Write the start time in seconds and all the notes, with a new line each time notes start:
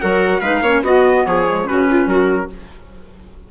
0.00 F#3 F#4 A#4 F#5
0.41 G#3 D#4 B4 F5
0.61 A#3 C#4 C#5
0.82 B3 F#4 D#5
1.26 F3 G#4 C#5
1.46 G#3
1.64 C#4 F#4 B4
1.72 C#3
1.90 F4
2.06 F#3 F#4 A#4